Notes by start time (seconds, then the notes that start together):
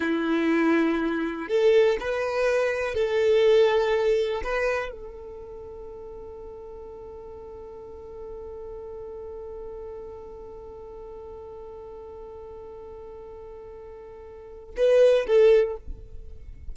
0.00 E4
1.48 A4
2.00 B4
2.94 A4
4.43 B4
4.91 A4
14.76 B4
15.27 A4